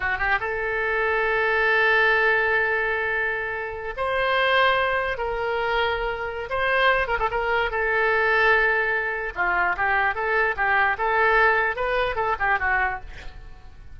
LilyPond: \new Staff \with { instrumentName = "oboe" } { \time 4/4 \tempo 4 = 148 fis'8 g'8 a'2.~ | a'1~ | a'4.~ a'16 c''2~ c''16~ | c''8. ais'2.~ ais'16 |
c''4. ais'16 a'16 ais'4 a'4~ | a'2. f'4 | g'4 a'4 g'4 a'4~ | a'4 b'4 a'8 g'8 fis'4 | }